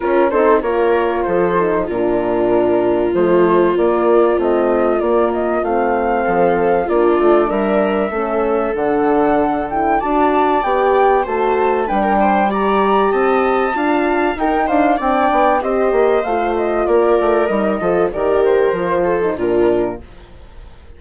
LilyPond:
<<
  \new Staff \with { instrumentName = "flute" } { \time 4/4 \tempo 4 = 96 ais'8 c''8 cis''4 c''4 ais'4~ | ais'4 c''4 d''4 dis''4 | d''8 dis''8 f''2 d''4 | e''2 fis''4. g''8 |
a''4 g''4 a''4 g''4 | ais''4 a''2 g''8 f''8 | g''4 dis''4 f''8 dis''8 d''4 | dis''4 d''8 c''4. ais'4 | }
  \new Staff \with { instrumentName = "viola" } { \time 4/4 f'8 a'8 ais'4 a'4 f'4~ | f'1~ | f'2 a'4 f'4 | ais'4 a'2. |
d''2 c''4 b'16 ais'16 c''8 | d''4 dis''4 f''4 ais'8 c''8 | d''4 c''2 ais'4~ | ais'8 a'8 ais'4. a'8 f'4 | }
  \new Staff \with { instrumentName = "horn" } { \time 4/4 cis'8 dis'8 f'4. dis'8 d'4~ | d'4 a4 ais4 c'4 | ais4 c'2 d'4~ | d'4 cis'4 d'4. e'8 |
fis'4 g'4 fis'4 d'4 | g'2 f'4 dis'4 | d'4 g'4 f'2 | dis'8 f'8 g'4 f'8. dis'16 d'4 | }
  \new Staff \with { instrumentName = "bassoon" } { \time 4/4 cis'8 c'8 ais4 f4 ais,4~ | ais,4 f4 ais4 a4 | ais4 a4 f4 ais8 a8 | g4 a4 d2 |
d'4 b4 a4 g4~ | g4 c'4 d'4 dis'8 d'8 | c'8 b8 c'8 ais8 a4 ais8 a8 | g8 f8 dis4 f4 ais,4 | }
>>